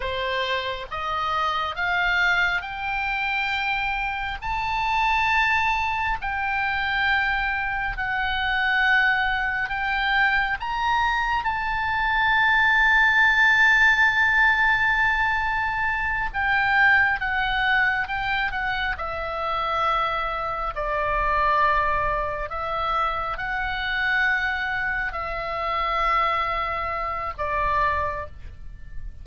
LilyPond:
\new Staff \with { instrumentName = "oboe" } { \time 4/4 \tempo 4 = 68 c''4 dis''4 f''4 g''4~ | g''4 a''2 g''4~ | g''4 fis''2 g''4 | ais''4 a''2.~ |
a''2~ a''8 g''4 fis''8~ | fis''8 g''8 fis''8 e''2 d''8~ | d''4. e''4 fis''4.~ | fis''8 e''2~ e''8 d''4 | }